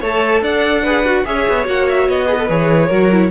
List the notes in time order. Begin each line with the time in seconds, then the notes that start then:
0.00 A3 A4 C#5 A5
0.42 D4 D5 F#5
0.82 G#4 B4
1.05 F#4
1.25 C#4 G#4 C#5 E5
1.48 B3
1.65 A#3 F#4 F#5
1.89 E5
2.08 B3 D#5
2.25 G#4 B4
2.39 A4
2.48 E3 G#4 C#5
2.87 F#3 F#4 A#4
3.11 E4